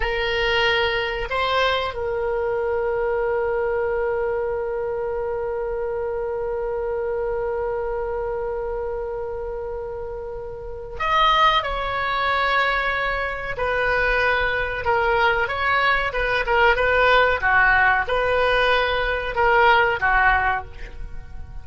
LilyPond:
\new Staff \with { instrumentName = "oboe" } { \time 4/4 \tempo 4 = 93 ais'2 c''4 ais'4~ | ais'1~ | ais'1~ | ais'1~ |
ais'4 dis''4 cis''2~ | cis''4 b'2 ais'4 | cis''4 b'8 ais'8 b'4 fis'4 | b'2 ais'4 fis'4 | }